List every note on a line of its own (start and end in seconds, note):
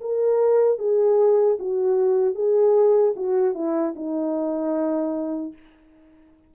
0.00 0.78 A#4
0.78 1.57 G#4
1.59 2.34 F#4
2.34 3.13 G#4
3.15 3.54 F#4
3.54 3.94 E4
3.95 5.53 D#4